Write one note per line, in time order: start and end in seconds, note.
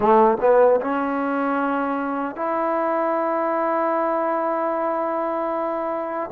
0.00 0.37 A3
0.41 0.80 B3
0.80 2.35 C#4
2.35 6.30 E4